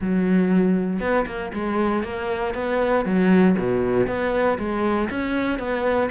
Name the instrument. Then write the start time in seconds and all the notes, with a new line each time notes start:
cello
0.00 F#3
1.00 B3
1.26 A#3
1.53 G#3
2.03 A#3
2.54 B3
3.05 F#3
3.58 B2
4.07 B3
4.58 G#3
5.10 C#4
5.58 B3